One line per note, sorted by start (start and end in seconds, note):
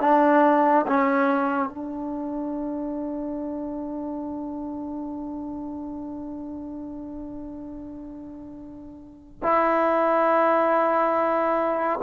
0.00 0.86 D4
0.86 1.69 C#4
1.69 9.40 D4
9.42 12.00 E4